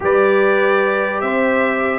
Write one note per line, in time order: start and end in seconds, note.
0.00 1.21 G3
0.00 1.98 G4
0.00 1.24 B4
0.00 1.20 D5
1.20 1.98 C4
1.20 1.98 C5
1.20 1.98 E5